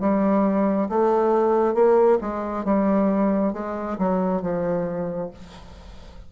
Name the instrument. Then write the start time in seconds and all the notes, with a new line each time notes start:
bassoon
0.00 G3
0.89 A3
1.74 A#3
2.21 G#3
2.64 G3
3.53 G#3
3.98 F#3
4.42 F3